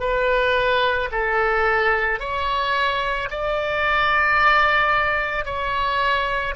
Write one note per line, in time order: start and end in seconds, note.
0.00 1.09 B4
1.12 2.20 A4
2.20 3.29 C#5
3.31 5.45 D5
5.45 6.55 C#5